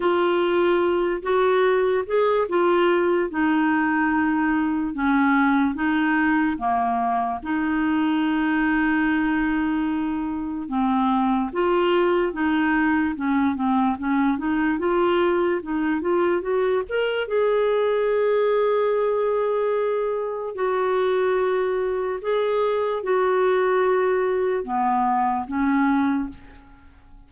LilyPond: \new Staff \with { instrumentName = "clarinet" } { \time 4/4 \tempo 4 = 73 f'4. fis'4 gis'8 f'4 | dis'2 cis'4 dis'4 | ais4 dis'2.~ | dis'4 c'4 f'4 dis'4 |
cis'8 c'8 cis'8 dis'8 f'4 dis'8 f'8 | fis'8 ais'8 gis'2.~ | gis'4 fis'2 gis'4 | fis'2 b4 cis'4 | }